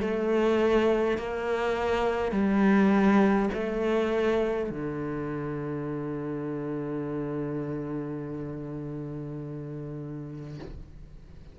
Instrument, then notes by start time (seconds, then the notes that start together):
cello
0.00 A3
1.17 A#3
2.32 G3
3.53 A3
4.70 D3